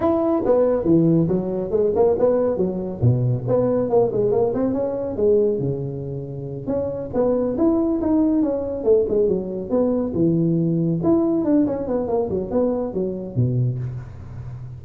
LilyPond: \new Staff \with { instrumentName = "tuba" } { \time 4/4 \tempo 4 = 139 e'4 b4 e4 fis4 | gis8 ais8 b4 fis4 b,4 | b4 ais8 gis8 ais8 c'8 cis'4 | gis4 cis2~ cis8 cis'8~ |
cis'8 b4 e'4 dis'4 cis'8~ | cis'8 a8 gis8 fis4 b4 e8~ | e4. e'4 d'8 cis'8 b8 | ais8 fis8 b4 fis4 b,4 | }